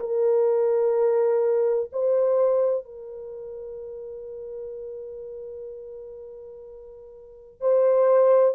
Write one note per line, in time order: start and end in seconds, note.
0.00 1.90 A#4
1.93 2.85 C5
2.85 7.61 A#4
7.61 8.55 C5